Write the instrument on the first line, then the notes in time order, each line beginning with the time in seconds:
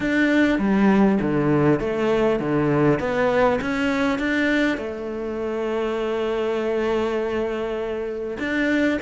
cello
0.00 D4
0.58 G3
1.21 D3
1.80 A3
2.39 D3
2.99 B3
3.61 C#4
4.18 D4
4.77 A3
8.38 D4